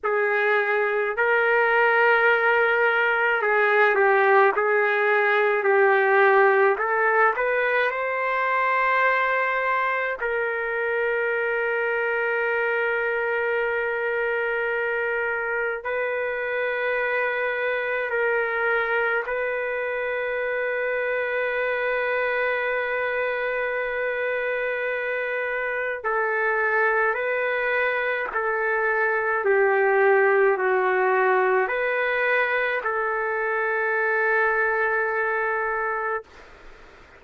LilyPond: \new Staff \with { instrumentName = "trumpet" } { \time 4/4 \tempo 4 = 53 gis'4 ais'2 gis'8 g'8 | gis'4 g'4 a'8 b'8 c''4~ | c''4 ais'2.~ | ais'2 b'2 |
ais'4 b'2.~ | b'2. a'4 | b'4 a'4 g'4 fis'4 | b'4 a'2. | }